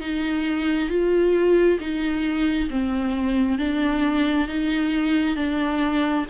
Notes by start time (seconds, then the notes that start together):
0.00 D#4
0.89 F4
1.79 D#4
2.69 C4
3.58 D4
4.48 D#4
5.35 D4